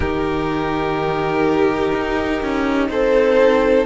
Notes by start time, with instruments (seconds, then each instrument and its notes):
0.00 cello D#3 D#4, violin G4 A#4
1.93 cello D#4
2.42 cello C#4
2.89 cello C4, violin A4 C5